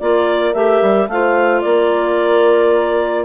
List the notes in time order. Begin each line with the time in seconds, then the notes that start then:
0.00 A#3 F4 A#4 D5
0.54 A3 G4 E5
0.82 G3
1.08 A3 F4 C5 F5
1.61 A#3 A#4 D5